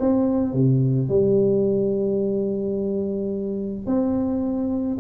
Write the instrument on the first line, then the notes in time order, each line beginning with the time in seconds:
tuba
0.00 C4
0.54 C3
1.09 G3
3.86 C4